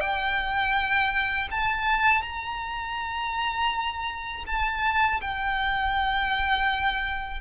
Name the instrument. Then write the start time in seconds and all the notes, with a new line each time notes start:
violin
0.00 G5
1.51 A5
2.22 A#5
4.46 A5
5.21 G5